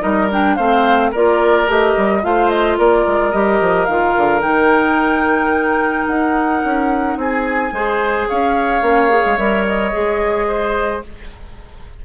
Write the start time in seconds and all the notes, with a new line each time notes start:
0.00 G3 D#4 A#4 D#5
0.31 D4 G5
0.56 A3 C4 C5 F5
1.11 A#3 F4 A#4 D5
1.67 A3 G4 D#5
1.97 G3
2.23 A3 F4 C5 F5
2.50 D#5
2.78 A#3 A#4 D5
3.07 G#3
3.31 G3 G4 D#5
3.61 F3
3.86 D#3 F4 F5
4.17 D3
4.41 D#3 D#4 G5
6.07 D#4 F#5
6.65 C#4
7.17 C4 G#4 G#5
7.72 G#3 G#4 C5
8.29 C#4 C#5 F5
8.82 A#3 C#4
9.10 G#4
9.26 G#3
9.38 G3 A#4 E5
9.67 D#5
9.92 G#3 G#4
10.48 C5